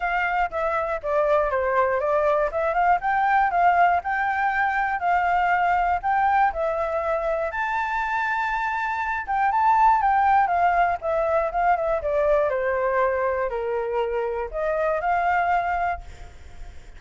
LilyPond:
\new Staff \with { instrumentName = "flute" } { \time 4/4 \tempo 4 = 120 f''4 e''4 d''4 c''4 | d''4 e''8 f''8 g''4 f''4 | g''2 f''2 | g''4 e''2 a''4~ |
a''2~ a''8 g''8 a''4 | g''4 f''4 e''4 f''8 e''8 | d''4 c''2 ais'4~ | ais'4 dis''4 f''2 | }